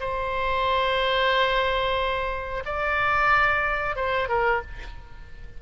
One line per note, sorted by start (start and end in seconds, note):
0.00 2.64 C5
2.66 3.96 D5
3.96 4.29 C5
4.29 4.62 A#4